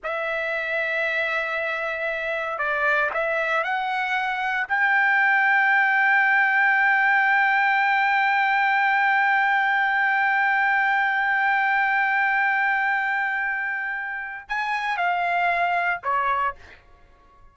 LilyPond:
\new Staff \with { instrumentName = "trumpet" } { \time 4/4 \tempo 4 = 116 e''1~ | e''4 d''4 e''4 fis''4~ | fis''4 g''2.~ | g''1~ |
g''1~ | g''1~ | g''1 | gis''4 f''2 cis''4 | }